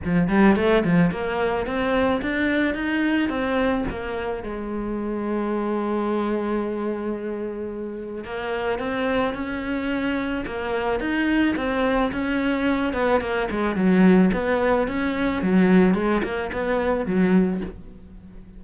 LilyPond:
\new Staff \with { instrumentName = "cello" } { \time 4/4 \tempo 4 = 109 f8 g8 a8 f8 ais4 c'4 | d'4 dis'4 c'4 ais4 | gis1~ | gis2. ais4 |
c'4 cis'2 ais4 | dis'4 c'4 cis'4. b8 | ais8 gis8 fis4 b4 cis'4 | fis4 gis8 ais8 b4 fis4 | }